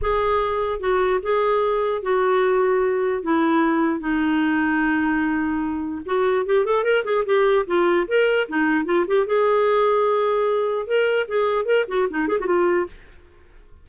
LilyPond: \new Staff \with { instrumentName = "clarinet" } { \time 4/4 \tempo 4 = 149 gis'2 fis'4 gis'4~ | gis'4 fis'2. | e'2 dis'2~ | dis'2. fis'4 |
g'8 a'8 ais'8 gis'8 g'4 f'4 | ais'4 dis'4 f'8 g'8 gis'4~ | gis'2. ais'4 | gis'4 ais'8 fis'8 dis'8 gis'16 fis'16 f'4 | }